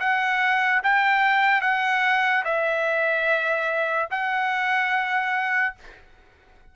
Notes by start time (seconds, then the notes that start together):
0.00 F#5
0.84 G5
1.62 F#5
2.45 E5
4.11 F#5